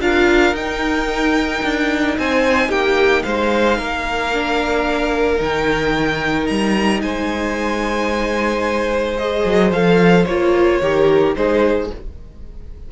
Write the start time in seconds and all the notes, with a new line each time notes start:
0.00 D4 F4 A#4 F5
0.53 D#4 G5
1.63 D4
2.18 C4 C5 G#5
2.68 A#3 G4 G5
3.22 G#3 C5 F5
3.78 A#3 A#4
4.33 D4
5.36 D#3 D#4
5.42 G5
6.46 G3 A#5
7.01 G#3 C5 G#5
9.17 G#4 D#5
9.44 F#3
9.71 F3 A4 F5
10.25 A#3 F4 C#5
10.81 D#3 G4 A#4
11.35 G#3 D#4 G#4 C5